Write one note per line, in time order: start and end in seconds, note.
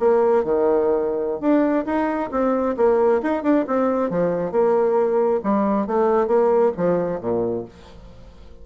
0.00 0.44 A#3
0.45 1.41 D#3
1.41 1.85 D4
1.86 2.31 D#4
2.32 2.76 C4
2.77 3.22 A#3
3.23 3.43 D#4
3.43 3.66 D4
3.67 4.11 C4
4.11 4.52 F3
4.52 5.41 A#3
5.44 5.87 G3
5.87 6.28 A3
6.28 6.72 A#3
6.77 7.21 F3
7.21 7.65 A#2